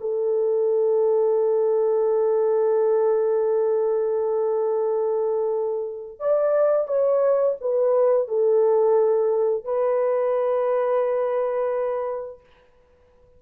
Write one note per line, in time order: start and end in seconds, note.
0.00 6.19 A4
6.19 6.87 D5
6.87 7.56 C#5
7.61 8.28 B4
8.28 9.64 A4
9.64 12.40 B4